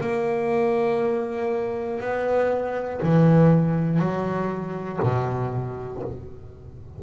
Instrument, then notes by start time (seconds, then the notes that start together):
double bass
0.00 A#3
2.00 B3
3.02 E3
3.99 F#3
5.02 B2